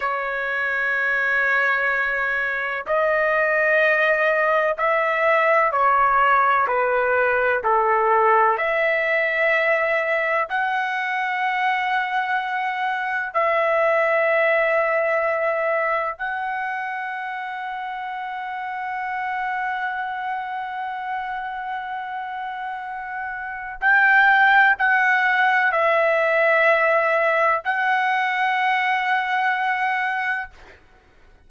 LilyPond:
\new Staff \with { instrumentName = "trumpet" } { \time 4/4 \tempo 4 = 63 cis''2. dis''4~ | dis''4 e''4 cis''4 b'4 | a'4 e''2 fis''4~ | fis''2 e''2~ |
e''4 fis''2.~ | fis''1~ | fis''4 g''4 fis''4 e''4~ | e''4 fis''2. | }